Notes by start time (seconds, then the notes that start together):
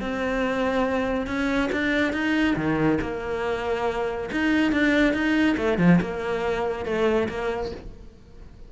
0.00 C4
1.26 C#4
1.71 D4
2.12 D#4
2.56 D#3
3.01 A#3
4.31 D#4
4.72 D4
5.13 D#4
5.57 A3
5.78 F3
6.01 A#3
6.85 A3
7.28 A#3